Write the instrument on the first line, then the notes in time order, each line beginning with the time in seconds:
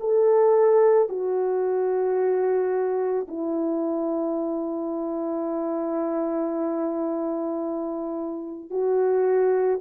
horn
0.00 A4
1.09 F#4
3.28 E4
8.71 F#4